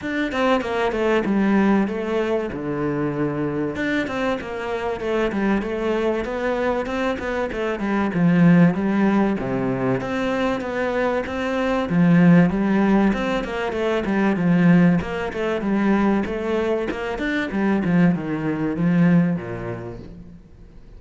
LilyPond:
\new Staff \with { instrumentName = "cello" } { \time 4/4 \tempo 4 = 96 d'8 c'8 ais8 a8 g4 a4 | d2 d'8 c'8 ais4 | a8 g8 a4 b4 c'8 b8 | a8 g8 f4 g4 c4 |
c'4 b4 c'4 f4 | g4 c'8 ais8 a8 g8 f4 | ais8 a8 g4 a4 ais8 d'8 | g8 f8 dis4 f4 ais,4 | }